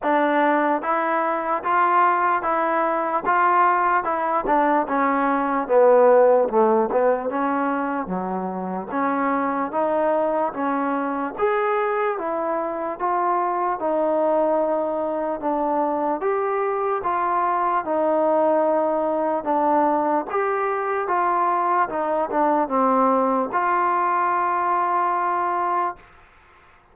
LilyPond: \new Staff \with { instrumentName = "trombone" } { \time 4/4 \tempo 4 = 74 d'4 e'4 f'4 e'4 | f'4 e'8 d'8 cis'4 b4 | a8 b8 cis'4 fis4 cis'4 | dis'4 cis'4 gis'4 e'4 |
f'4 dis'2 d'4 | g'4 f'4 dis'2 | d'4 g'4 f'4 dis'8 d'8 | c'4 f'2. | }